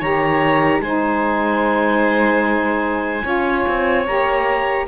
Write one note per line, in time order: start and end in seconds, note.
0.00 0.80 D#3
0.00 0.83 G4
0.00 0.81 C#5
0.00 0.81 A#5
0.80 3.23 G#3
0.80 3.23 D#4
0.80 3.24 C5
0.80 4.06 G#5
3.23 3.66 C#4
3.23 4.04 F4
3.23 4.86 C#5
3.68 4.08 C4
4.06 4.88 A#3
4.06 4.87 G4
4.06 4.87 A#5